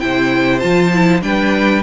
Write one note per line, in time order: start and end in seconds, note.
0.00 0.63 C3
0.00 0.61 E4
0.00 1.24 C5
0.00 0.60 G5
0.60 1.22 F3
0.60 0.91 F4
0.60 1.20 A5
0.94 1.21 E4
1.21 1.83 G3
1.21 1.82 D4
1.21 1.83 B4
1.21 1.83 G5